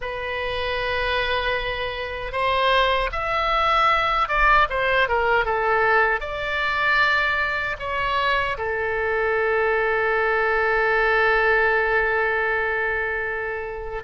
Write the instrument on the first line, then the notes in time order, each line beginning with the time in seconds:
oboe
0.01 B4
2.32 C5
3.12 E5
4.28 D5
4.69 C5
5.08 A#4
5.45 A4
6.20 D5
7.79 C#5
8.57 A4